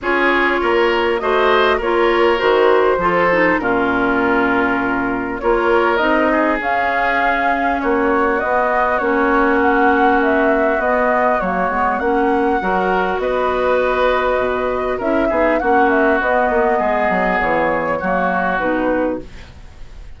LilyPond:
<<
  \new Staff \with { instrumentName = "flute" } { \time 4/4 \tempo 4 = 100 cis''2 dis''4 cis''4 | c''2 ais'2~ | ais'4 cis''4 dis''4 f''4~ | f''4 cis''4 dis''4 cis''4 |
fis''4 e''4 dis''4 cis''4 | fis''2 dis''2~ | dis''4 e''4 fis''8 e''8 dis''4~ | dis''4 cis''2 b'4 | }
  \new Staff \with { instrumentName = "oboe" } { \time 4/4 gis'4 ais'4 c''4 ais'4~ | ais'4 a'4 f'2~ | f'4 ais'4. gis'4.~ | gis'4 fis'2.~ |
fis'1~ | fis'4 ais'4 b'2~ | b'4 ais'8 gis'8 fis'2 | gis'2 fis'2 | }
  \new Staff \with { instrumentName = "clarinet" } { \time 4/4 f'2 fis'4 f'4 | fis'4 f'8 dis'8 cis'2~ | cis'4 f'4 dis'4 cis'4~ | cis'2 b4 cis'4~ |
cis'2 b4 ais8 b8 | cis'4 fis'2.~ | fis'4 e'8 dis'8 cis'4 b4~ | b2 ais4 dis'4 | }
  \new Staff \with { instrumentName = "bassoon" } { \time 4/4 cis'4 ais4 a4 ais4 | dis4 f4 ais,2~ | ais,4 ais4 c'4 cis'4~ | cis'4 ais4 b4 ais4~ |
ais2 b4 fis8 gis8 | ais4 fis4 b2 | b,4 cis'8 b8 ais4 b8 ais8 | gis8 fis8 e4 fis4 b,4 | }
>>